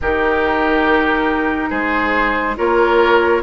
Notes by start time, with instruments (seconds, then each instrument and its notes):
0.01 bassoon D#3, clarinet D#4, oboe G4, flute A#4
1.69 bassoon G#3, oboe G#4, flute C5
2.57 bassoon A#3, clarinet F4, oboe A#4, flute C#5